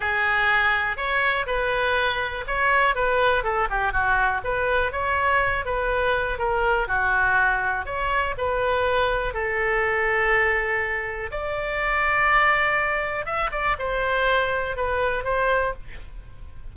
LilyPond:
\new Staff \with { instrumentName = "oboe" } { \time 4/4 \tempo 4 = 122 gis'2 cis''4 b'4~ | b'4 cis''4 b'4 a'8 g'8 | fis'4 b'4 cis''4. b'8~ | b'4 ais'4 fis'2 |
cis''4 b'2 a'4~ | a'2. d''4~ | d''2. e''8 d''8 | c''2 b'4 c''4 | }